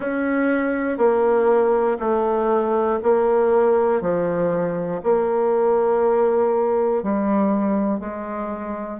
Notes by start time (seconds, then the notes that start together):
0.00 C#4
0.97 A#3
2.00 A3
3.03 A#3
4.00 F3
5.03 A#3
7.03 G3
8.00 G#3